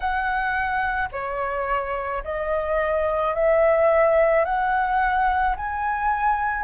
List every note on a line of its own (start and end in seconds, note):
0.00 1.08 F#5
1.12 2.23 C#5
2.24 3.34 D#5
3.34 4.44 E5
4.44 5.56 F#5
5.56 6.63 G#5